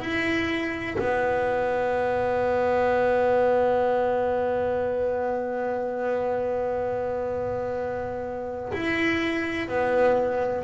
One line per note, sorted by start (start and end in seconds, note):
0.00 0.97 E4
0.99 8.73 B3
8.73 9.68 E4
9.68 10.64 B3